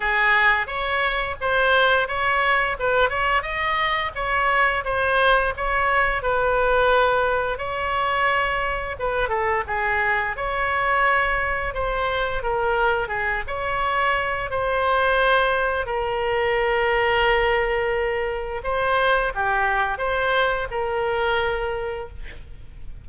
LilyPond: \new Staff \with { instrumentName = "oboe" } { \time 4/4 \tempo 4 = 87 gis'4 cis''4 c''4 cis''4 | b'8 cis''8 dis''4 cis''4 c''4 | cis''4 b'2 cis''4~ | cis''4 b'8 a'8 gis'4 cis''4~ |
cis''4 c''4 ais'4 gis'8 cis''8~ | cis''4 c''2 ais'4~ | ais'2. c''4 | g'4 c''4 ais'2 | }